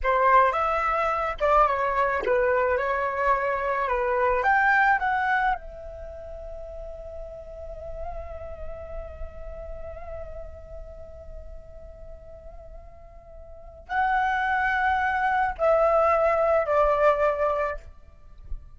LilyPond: \new Staff \with { instrumentName = "flute" } { \time 4/4 \tempo 4 = 108 c''4 e''4. d''8 cis''4 | b'4 cis''2 b'4 | g''4 fis''4 e''2~ | e''1~ |
e''1~ | e''1~ | e''4 fis''2. | e''2 d''2 | }